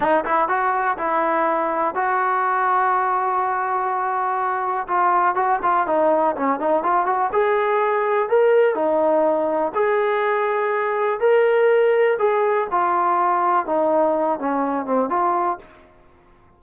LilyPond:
\new Staff \with { instrumentName = "trombone" } { \time 4/4 \tempo 4 = 123 dis'8 e'8 fis'4 e'2 | fis'1~ | fis'2 f'4 fis'8 f'8 | dis'4 cis'8 dis'8 f'8 fis'8 gis'4~ |
gis'4 ais'4 dis'2 | gis'2. ais'4~ | ais'4 gis'4 f'2 | dis'4. cis'4 c'8 f'4 | }